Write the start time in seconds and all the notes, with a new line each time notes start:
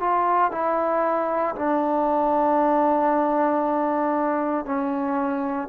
0.00 F4
0.52 E4
1.56 D4
4.66 C#4